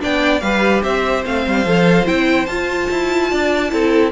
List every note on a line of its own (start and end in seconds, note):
0.00 0.42 B3
0.00 0.41 D4
0.00 0.43 D5
0.00 0.41 G5
0.41 0.83 G3
0.41 1.24 G4
0.41 0.83 B4
0.41 0.82 F5
0.83 1.24 C4
0.83 3.30 C5
0.83 1.25 E5
1.24 1.47 A3
1.24 1.65 C4
1.24 2.07 F5
1.47 1.66 G3
1.66 2.07 F3
1.66 2.06 A4
2.06 2.48 C4
2.06 2.47 E4
2.06 2.46 G5
2.46 2.89 F4
2.46 3.70 F4
2.46 4.11 A5
2.91 3.32 E4
3.31 3.73 D4
3.31 3.72 D5
3.70 4.12 C4
3.70 4.11 E4
3.70 4.12 A4